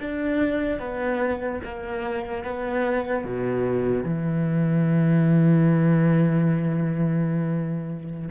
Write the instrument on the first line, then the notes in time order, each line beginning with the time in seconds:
cello
0.00 D4
0.80 B3
1.64 A#3
2.44 B3
3.24 B2
4.03 E3